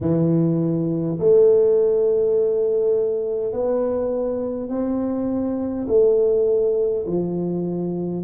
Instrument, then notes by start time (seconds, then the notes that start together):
tuba
0.00 E3
1.19 A3
3.52 B3
4.69 C4
5.88 A3
7.06 F3